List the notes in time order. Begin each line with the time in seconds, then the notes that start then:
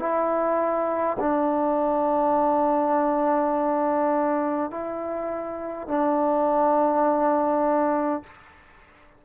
0.00 E4
1.20 D4
4.71 E4
5.88 D4